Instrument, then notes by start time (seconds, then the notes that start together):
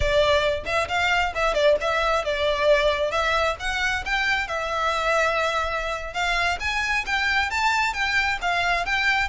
violin
0.00 D5
0.65 E5
0.88 F5
1.34 E5
1.54 D5
1.80 E5
2.24 D5
3.11 E5
3.59 F#5
4.05 G5
4.47 E5
6.13 F5
6.60 G#5
7.05 G5
7.50 A5
7.93 G5
8.41 F5
8.85 G5